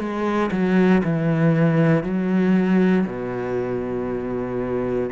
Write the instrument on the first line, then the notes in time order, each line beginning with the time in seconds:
cello
0.00 G#3
0.52 F#3
1.04 E3
2.04 F#3
3.06 B2